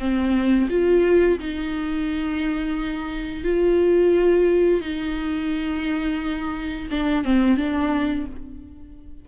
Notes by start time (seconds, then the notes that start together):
0.00 C4
0.70 F4
1.39 D#4
3.44 F4
4.82 D#4
6.91 D4
7.25 C4
7.57 D4